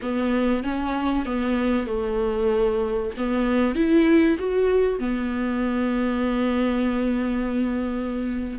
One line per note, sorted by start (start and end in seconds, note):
0.02 0.63 B3
0.63 1.25 C#4
1.25 1.86 B3
1.86 3.11 A3
3.17 3.75 B3
3.75 4.37 E4
4.38 4.99 F#4
4.99 8.58 B3